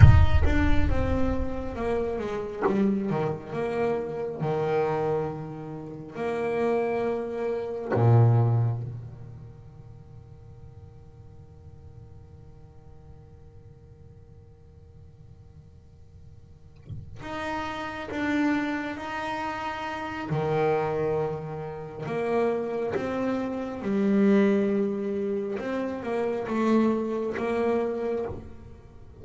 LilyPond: \new Staff \with { instrumentName = "double bass" } { \time 4/4 \tempo 4 = 68 dis'8 d'8 c'4 ais8 gis8 g8 dis8 | ais4 dis2 ais4~ | ais4 ais,4 dis2~ | dis1~ |
dis2.~ dis8 dis'8~ | dis'8 d'4 dis'4. dis4~ | dis4 ais4 c'4 g4~ | g4 c'8 ais8 a4 ais4 | }